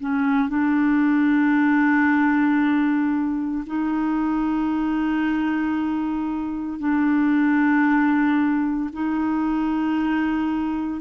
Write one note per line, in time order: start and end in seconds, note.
0.00 0.49 C#4
0.49 3.65 D4
3.67 6.79 D#4
6.79 8.90 D4
8.93 11.01 D#4